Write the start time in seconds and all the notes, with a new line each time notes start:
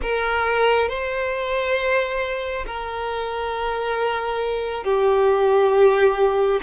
0.02 A#4
0.88 C5
2.66 A#4
4.83 G4